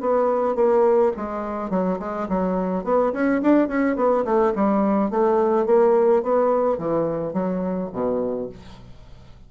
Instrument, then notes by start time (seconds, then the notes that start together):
bassoon
0.00 B3
0.55 A#3
1.16 G#3
1.70 F#3
1.99 G#3
2.28 F#3
2.84 B3
3.13 C#4
3.42 D4
3.68 C#4
3.95 B3
4.24 A3
4.55 G3
5.10 A3
5.66 A#3
6.23 B3
6.78 E3
7.33 F#3
7.92 B2